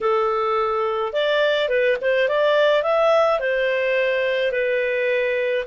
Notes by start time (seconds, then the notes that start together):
0.01 A4
1.12 D5
1.68 B4
2.01 C5
2.28 D5
2.83 E5
3.39 C5
4.51 B4